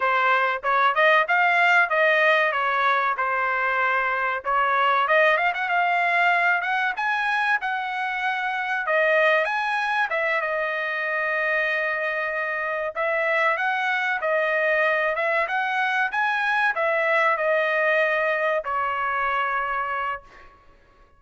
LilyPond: \new Staff \with { instrumentName = "trumpet" } { \time 4/4 \tempo 4 = 95 c''4 cis''8 dis''8 f''4 dis''4 | cis''4 c''2 cis''4 | dis''8 f''16 fis''16 f''4. fis''8 gis''4 | fis''2 dis''4 gis''4 |
e''8 dis''2.~ dis''8~ | dis''8 e''4 fis''4 dis''4. | e''8 fis''4 gis''4 e''4 dis''8~ | dis''4. cis''2~ cis''8 | }